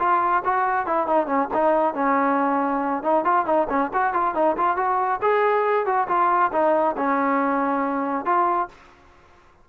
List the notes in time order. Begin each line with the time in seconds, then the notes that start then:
0.00 F4
0.45 F#4
0.87 E4
1.08 D#4
1.27 C#4
1.54 D#4
1.95 C#4
3.03 D#4
3.25 F4
3.46 D#4
3.70 C#4
3.94 F#4
4.14 F4
4.35 D#4
4.57 F4
4.77 F#4
5.22 G#4
5.86 F#4
6.08 F4
6.53 D#4
6.97 C#4
8.26 F4